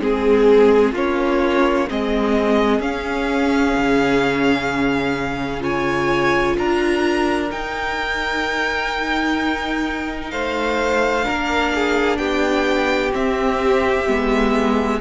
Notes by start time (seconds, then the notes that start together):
0.00 G#3 C4 G#4
0.93 A#3 C#4 F4 C#5
1.89 G#3 C4 G#4 D#5
2.80 C#4 F5
3.77 C#3
5.61 F4 C#5 G#5
6.58 D4 A#4 A#5
7.51 D#4 G5
10.31 A3 C5 F5
11.23 D4 A#4
11.29 A#3
11.75 G#4
12.18 B3 G4 G5
13.12 C4 E5
14.07 G#3 B3